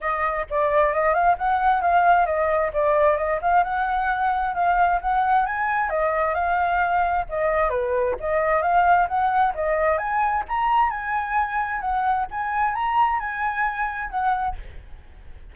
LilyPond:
\new Staff \with { instrumentName = "flute" } { \time 4/4 \tempo 4 = 132 dis''4 d''4 dis''8 f''8 fis''4 | f''4 dis''4 d''4 dis''8 f''8 | fis''2 f''4 fis''4 | gis''4 dis''4 f''2 |
dis''4 b'4 dis''4 f''4 | fis''4 dis''4 gis''4 ais''4 | gis''2 fis''4 gis''4 | ais''4 gis''2 fis''4 | }